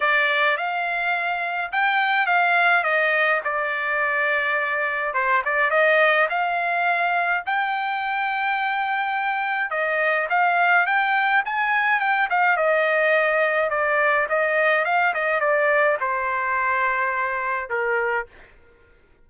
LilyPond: \new Staff \with { instrumentName = "trumpet" } { \time 4/4 \tempo 4 = 105 d''4 f''2 g''4 | f''4 dis''4 d''2~ | d''4 c''8 d''8 dis''4 f''4~ | f''4 g''2.~ |
g''4 dis''4 f''4 g''4 | gis''4 g''8 f''8 dis''2 | d''4 dis''4 f''8 dis''8 d''4 | c''2. ais'4 | }